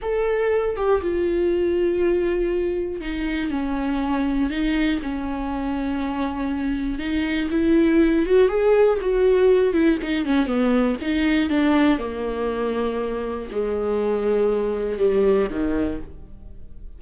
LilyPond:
\new Staff \with { instrumentName = "viola" } { \time 4/4 \tempo 4 = 120 a'4. g'8 f'2~ | f'2 dis'4 cis'4~ | cis'4 dis'4 cis'2~ | cis'2 dis'4 e'4~ |
e'8 fis'8 gis'4 fis'4. e'8 | dis'8 cis'8 b4 dis'4 d'4 | ais2. gis4~ | gis2 g4 dis4 | }